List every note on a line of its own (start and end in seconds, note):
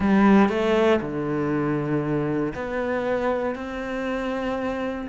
0.00 0.49 G3
0.49 1.00 A3
1.01 2.53 D3
2.54 3.55 B3
3.55 5.07 C4